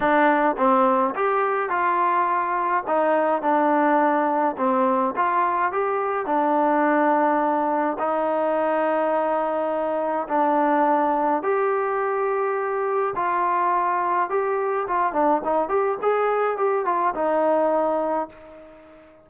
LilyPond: \new Staff \with { instrumentName = "trombone" } { \time 4/4 \tempo 4 = 105 d'4 c'4 g'4 f'4~ | f'4 dis'4 d'2 | c'4 f'4 g'4 d'4~ | d'2 dis'2~ |
dis'2 d'2 | g'2. f'4~ | f'4 g'4 f'8 d'8 dis'8 g'8 | gis'4 g'8 f'8 dis'2 | }